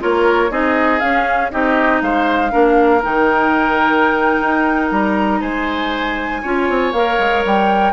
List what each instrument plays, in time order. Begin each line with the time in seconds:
0.00 bassoon A#3, clarinet F4, oboe A#4, flute C#5
0.50 bassoon C4, clarinet D#4, oboe G#4, flute D#5
0.99 bassoon C#4, clarinet C#4, flute F5
1.51 bassoon C4, clarinet D#4, oboe G4, flute D#5
2.01 bassoon G#3, oboe C5, flute F5
2.50 bassoon A#3, clarinet D4, oboe A#4
3.02 bassoon D#3, clarinet D#4, flute G5
4.41 bassoon D#4
4.91 bassoon G3, flute A#5
5.41 bassoon G#3, oboe C5, flute G#5
6.42 bassoon C#4, clarinet F4, oboe C#5
6.69 bassoon C4
6.93 bassoon A#3, clarinet A#4, flute F5
7.18 bassoon G#3
7.45 bassoon G3, flute G5